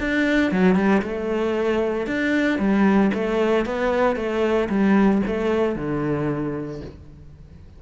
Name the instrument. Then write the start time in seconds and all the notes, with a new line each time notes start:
cello
0.00 D4
0.52 F#3
0.75 G3
1.02 A3
2.07 D4
2.59 G3
3.14 A3
3.66 B3
4.16 A3
4.69 G3
5.27 A3
5.76 D3